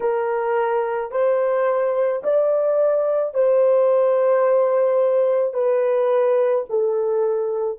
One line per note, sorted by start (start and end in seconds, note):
0.00 1.11 A#4
1.11 2.22 C5
2.23 3.34 D5
3.34 5.53 C5
5.53 6.64 B4
6.69 7.78 A4